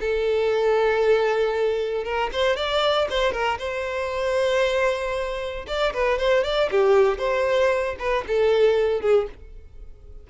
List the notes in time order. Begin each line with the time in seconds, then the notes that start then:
0.00 A4
2.04 A#4
2.32 C5
2.56 D5
3.10 C5
3.32 A#4
3.59 C5
5.67 D5
5.93 B4
6.18 C5
6.44 D5
6.71 G4
7.18 C5
7.99 B4
8.27 A4
9.01 G#4